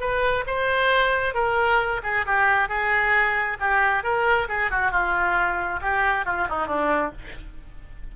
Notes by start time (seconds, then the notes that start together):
0.00 B4
0.46 C5
1.34 A#4
2.03 G#4
2.25 G4
2.68 G#4
3.59 G4
4.03 A#4
4.48 G#4
4.70 F#4
4.91 F4
5.81 G4
6.25 F4
6.49 D#4
6.67 D4